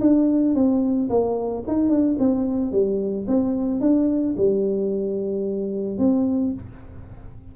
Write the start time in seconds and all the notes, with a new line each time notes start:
0.00 D4
0.54 C4
1.09 A#3
1.67 D#4
1.89 D4
2.19 C4
2.71 G3
3.27 C4
3.80 D4
4.37 G3
5.98 C4